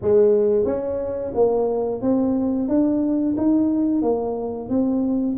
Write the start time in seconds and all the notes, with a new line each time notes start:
0.01 G#3
0.65 C#4
1.34 A#3
2.01 C4
2.68 D4
3.37 D#4
4.01 A#3
4.69 C4